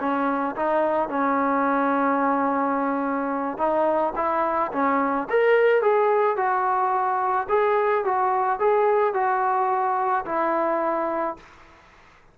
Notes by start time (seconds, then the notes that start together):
0.00 C#4
0.56 D#4
1.09 C#4
3.58 D#4
4.16 E4
4.72 C#4
5.30 A#4
5.82 G#4
6.37 F#4
7.49 G#4
8.05 F#4
8.60 G#4
9.14 F#4
10.26 E4